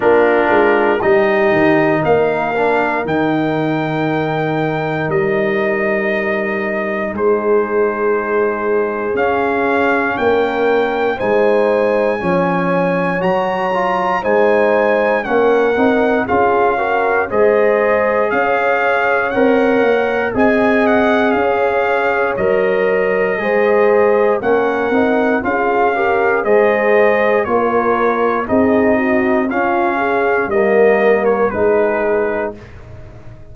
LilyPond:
<<
  \new Staff \with { instrumentName = "trumpet" } { \time 4/4 \tempo 4 = 59 ais'4 dis''4 f''4 g''4~ | g''4 dis''2 c''4~ | c''4 f''4 g''4 gis''4~ | gis''4 ais''4 gis''4 fis''4 |
f''4 dis''4 f''4 fis''4 | gis''8 fis''8 f''4 dis''2 | fis''4 f''4 dis''4 cis''4 | dis''4 f''4 dis''8. cis''16 b'4 | }
  \new Staff \with { instrumentName = "horn" } { \time 4/4 f'4 g'4 ais'2~ | ais'2. gis'4~ | gis'2 ais'4 c''4 | cis''2 c''4 ais'4 |
gis'8 ais'8 c''4 cis''2 | dis''4 cis''2 c''4 | ais'4 gis'8 ais'8 c''4 ais'4 | gis'8 fis'8 f'8 gis'8 ais'4 gis'4 | }
  \new Staff \with { instrumentName = "trombone" } { \time 4/4 d'4 dis'4. d'8 dis'4~ | dis'1~ | dis'4 cis'2 dis'4 | cis'4 fis'8 f'8 dis'4 cis'8 dis'8 |
f'8 fis'8 gis'2 ais'4 | gis'2 ais'4 gis'4 | cis'8 dis'8 f'8 g'8 gis'4 f'4 | dis'4 cis'4 ais4 dis'4 | }
  \new Staff \with { instrumentName = "tuba" } { \time 4/4 ais8 gis8 g8 dis8 ais4 dis4~ | dis4 g2 gis4~ | gis4 cis'4 ais4 gis4 | f4 fis4 gis4 ais8 c'8 |
cis'4 gis4 cis'4 c'8 ais8 | c'4 cis'4 fis4 gis4 | ais8 c'8 cis'4 gis4 ais4 | c'4 cis'4 g4 gis4 | }
>>